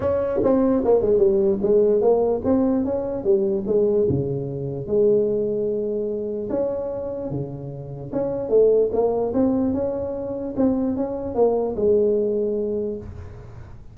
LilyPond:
\new Staff \with { instrumentName = "tuba" } { \time 4/4 \tempo 4 = 148 cis'4 c'4 ais8 gis8 g4 | gis4 ais4 c'4 cis'4 | g4 gis4 cis2 | gis1 |
cis'2 cis2 | cis'4 a4 ais4 c'4 | cis'2 c'4 cis'4 | ais4 gis2. | }